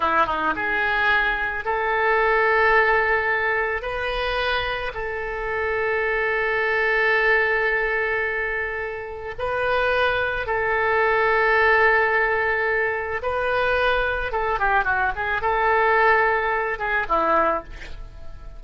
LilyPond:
\new Staff \with { instrumentName = "oboe" } { \time 4/4 \tempo 4 = 109 e'8 dis'8 gis'2 a'4~ | a'2. b'4~ | b'4 a'2.~ | a'1~ |
a'4 b'2 a'4~ | a'1 | b'2 a'8 g'8 fis'8 gis'8 | a'2~ a'8 gis'8 e'4 | }